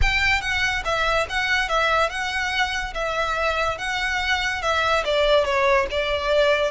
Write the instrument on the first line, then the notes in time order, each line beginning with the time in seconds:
violin
0.01 G5
0.41 F#5
0.84 E5
1.29 F#5
1.68 E5
2.09 F#5
2.94 E5
3.78 F#5
4.62 E5
5.05 D5
5.44 C#5
5.90 D5